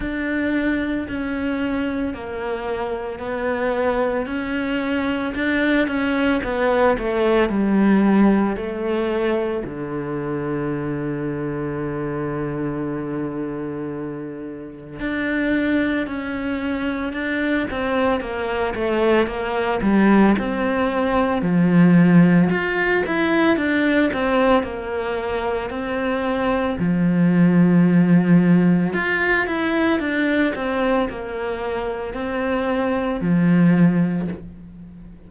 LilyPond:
\new Staff \with { instrumentName = "cello" } { \time 4/4 \tempo 4 = 56 d'4 cis'4 ais4 b4 | cis'4 d'8 cis'8 b8 a8 g4 | a4 d2.~ | d2 d'4 cis'4 |
d'8 c'8 ais8 a8 ais8 g8 c'4 | f4 f'8 e'8 d'8 c'8 ais4 | c'4 f2 f'8 e'8 | d'8 c'8 ais4 c'4 f4 | }